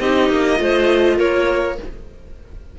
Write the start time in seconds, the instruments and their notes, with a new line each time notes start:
0.00 cello C4, viola D#4, clarinet G4, violin D#5
0.30 cello A#3
0.57 cello A3, viola F4, clarinet C5
1.18 cello A#3, clarinet A#4, violin C#5